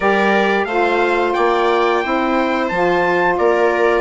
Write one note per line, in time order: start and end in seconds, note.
0.00 0.65 G3
0.00 0.68 G4
0.00 0.67 A#4
0.00 0.64 D5
0.64 1.32 A3
0.64 2.03 F4
0.64 1.34 C5
0.64 1.32 F5
1.33 2.04 A#3
1.33 2.02 D5
1.33 2.68 G5
2.03 2.71 C4
2.03 2.70 E4
2.03 3.38 C5
2.68 3.38 F3
2.68 4.01 F4
2.68 3.35 A5
3.37 4.01 A#3
3.37 4.01 A#4
3.37 4.01 D5